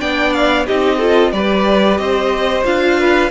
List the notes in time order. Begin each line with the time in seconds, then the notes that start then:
0.00 B3 D4 D5 G5
0.33 F5
0.66 C4 D#4 G4 D#5
0.98 F4 A4
1.32 G3 G4 B4 D5
1.98 C4 C5 D#5
2.64 D4 F4 F5
3.00 B4